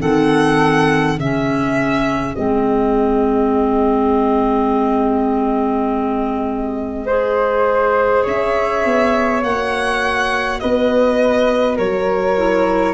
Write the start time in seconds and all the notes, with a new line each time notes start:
0.00 D#3 C4 A4 F#5
1.18 C#3 C#4 G#4 E5
2.35 G#3 C4 D#5
7.06 G#4 C5
8.24 C#4 C#5 E5
8.85 B3
9.43 A#3 F#4 F#5
10.60 B3 B4 D#5
11.76 F#3 A#4 C#5
12.37 E4